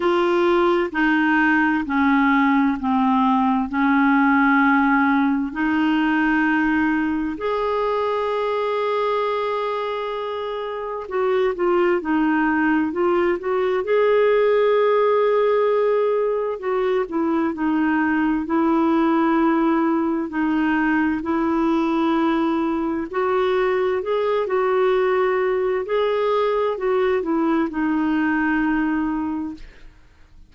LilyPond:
\new Staff \with { instrumentName = "clarinet" } { \time 4/4 \tempo 4 = 65 f'4 dis'4 cis'4 c'4 | cis'2 dis'2 | gis'1 | fis'8 f'8 dis'4 f'8 fis'8 gis'4~ |
gis'2 fis'8 e'8 dis'4 | e'2 dis'4 e'4~ | e'4 fis'4 gis'8 fis'4. | gis'4 fis'8 e'8 dis'2 | }